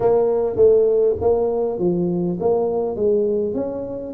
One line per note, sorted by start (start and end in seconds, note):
0.00 0.55 A#3
0.55 1.15 A3
1.20 1.78 A#3
1.78 2.38 F3
2.40 2.96 A#3
2.96 3.54 G#3
3.54 4.13 C#4